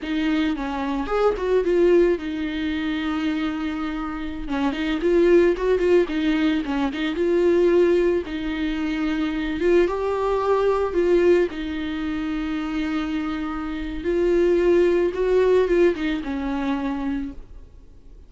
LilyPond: \new Staff \with { instrumentName = "viola" } { \time 4/4 \tempo 4 = 111 dis'4 cis'4 gis'8 fis'8 f'4 | dis'1~ | dis'16 cis'8 dis'8 f'4 fis'8 f'8 dis'8.~ | dis'16 cis'8 dis'8 f'2 dis'8.~ |
dis'4.~ dis'16 f'8 g'4.~ g'16~ | g'16 f'4 dis'2~ dis'8.~ | dis'2 f'2 | fis'4 f'8 dis'8 cis'2 | }